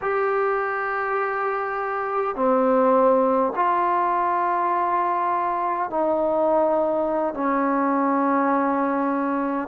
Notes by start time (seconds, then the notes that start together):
0.01 G4
2.35 C4
3.55 F4
5.90 D#4
7.34 C#4